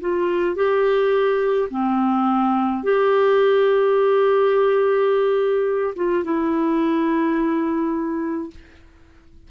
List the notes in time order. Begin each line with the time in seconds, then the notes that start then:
0.00 F4
0.56 G4
1.70 C4
2.83 G4
5.95 F4
6.24 E4